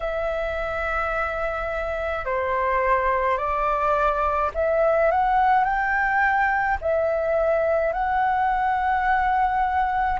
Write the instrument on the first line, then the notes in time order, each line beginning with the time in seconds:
flute
0.00 E5
2.25 C5
3.37 D5
4.54 E5
5.10 F#5
5.64 G5
6.81 E5
7.92 F#5